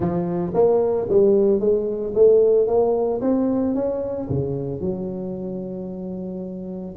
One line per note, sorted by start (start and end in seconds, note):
0.00 0.53 F3
0.54 1.07 A#3
1.09 1.60 G3
1.60 2.13 G#3
2.14 2.67 A3
2.67 3.20 A#3
3.21 3.74 C4
3.75 4.28 C#4
4.29 4.81 C#3
4.81 6.95 F#3